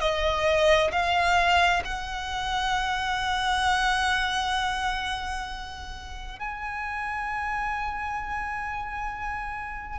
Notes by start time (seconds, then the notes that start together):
0.00 D#5
0.92 F5
1.84 F#5
6.39 G#5